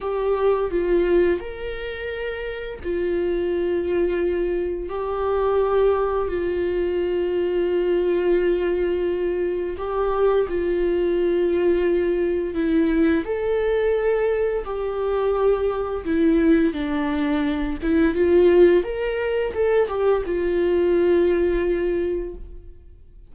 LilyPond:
\new Staff \with { instrumentName = "viola" } { \time 4/4 \tempo 4 = 86 g'4 f'4 ais'2 | f'2. g'4~ | g'4 f'2.~ | f'2 g'4 f'4~ |
f'2 e'4 a'4~ | a'4 g'2 e'4 | d'4. e'8 f'4 ais'4 | a'8 g'8 f'2. | }